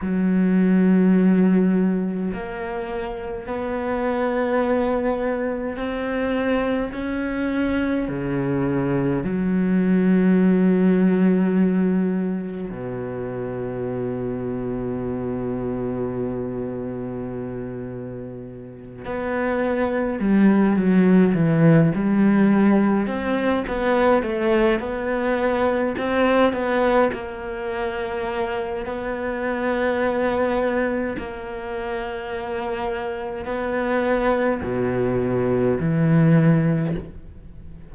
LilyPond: \new Staff \with { instrumentName = "cello" } { \time 4/4 \tempo 4 = 52 fis2 ais4 b4~ | b4 c'4 cis'4 cis4 | fis2. b,4~ | b,1~ |
b,8 b4 g8 fis8 e8 g4 | c'8 b8 a8 b4 c'8 b8 ais8~ | ais4 b2 ais4~ | ais4 b4 b,4 e4 | }